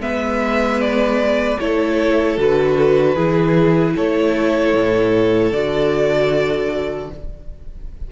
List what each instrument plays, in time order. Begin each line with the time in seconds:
0.00 cello G#3, viola B3, violin B4 E5
0.81 violin D5
1.60 cello A3, viola E4, violin A4 C#5
2.38 cello D3, viola F#4, violin B4
3.15 cello E3, viola E4, violin G#4
3.95 cello A3, violin A4 C#5
4.74 cello A2
5.52 cello D3, viola F#4, violin D5